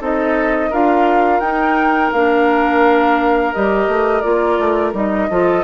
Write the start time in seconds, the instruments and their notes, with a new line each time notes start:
0.00 bassoon C4, clarinet D#4, oboe A4, flute D#5
0.70 bassoon D4, clarinet F4, oboe A#4, flute F5
1.40 bassoon D#4, clarinet D#4, flute G5
2.12 bassoon A#3, clarinet D4, flute F5
3.53 bassoon G3, clarinet G4, flute D#5
3.87 bassoon A3
4.21 bassoon A#3, clarinet F4, flute D5
4.58 bassoon A3
4.93 bassoon G3, clarinet D#4, flute D#5
5.30 bassoon F3, clarinet F4, oboe A4